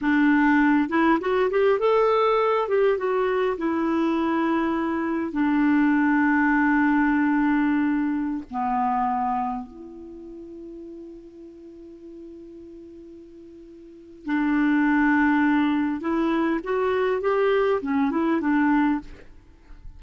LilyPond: \new Staff \with { instrumentName = "clarinet" } { \time 4/4 \tempo 4 = 101 d'4. e'8 fis'8 g'8 a'4~ | a'8 g'8 fis'4 e'2~ | e'4 d'2.~ | d'2~ d'16 b4.~ b16~ |
b16 e'2.~ e'8.~ | e'1 | d'2. e'4 | fis'4 g'4 cis'8 e'8 d'4 | }